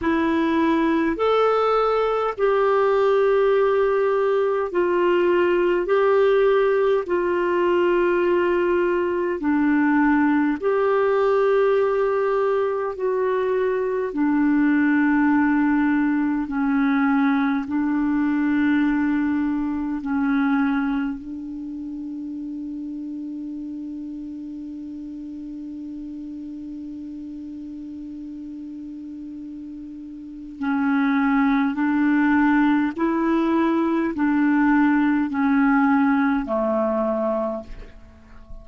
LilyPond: \new Staff \with { instrumentName = "clarinet" } { \time 4/4 \tempo 4 = 51 e'4 a'4 g'2 | f'4 g'4 f'2 | d'4 g'2 fis'4 | d'2 cis'4 d'4~ |
d'4 cis'4 d'2~ | d'1~ | d'2 cis'4 d'4 | e'4 d'4 cis'4 a4 | }